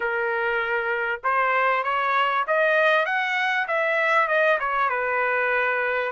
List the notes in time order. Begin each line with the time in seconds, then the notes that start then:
0.00 A#4
1.23 C5
1.83 C#5
2.47 D#5
3.05 F#5
3.67 E5
4.27 D#5
4.59 C#5
4.89 B4